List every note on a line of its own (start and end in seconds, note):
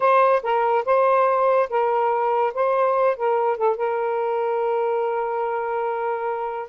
0.00 0.42 C5
0.43 0.84 A#4
0.85 1.69 C5
1.69 2.53 A#4
2.54 3.16 C5
3.16 3.57 A#4
3.57 3.76 A4
3.76 6.69 A#4